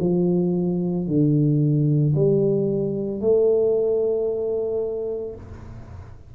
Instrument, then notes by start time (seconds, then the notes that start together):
tuba
0.00 F3
1.07 D3
2.15 G3
3.20 A3